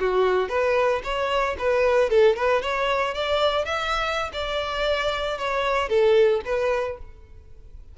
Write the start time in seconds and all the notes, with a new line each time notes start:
0.00 F#4
0.49 B4
1.04 C#5
1.59 B4
2.10 A4
2.36 B4
2.62 C#5
3.14 D5
3.65 E5
4.33 D5
5.38 C#5
5.89 A4
6.45 B4